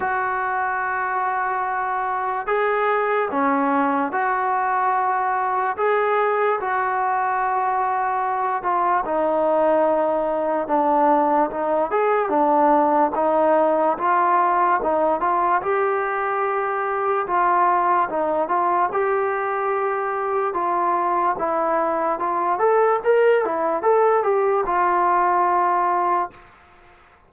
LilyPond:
\new Staff \with { instrumentName = "trombone" } { \time 4/4 \tempo 4 = 73 fis'2. gis'4 | cis'4 fis'2 gis'4 | fis'2~ fis'8 f'8 dis'4~ | dis'4 d'4 dis'8 gis'8 d'4 |
dis'4 f'4 dis'8 f'8 g'4~ | g'4 f'4 dis'8 f'8 g'4~ | g'4 f'4 e'4 f'8 a'8 | ais'8 e'8 a'8 g'8 f'2 | }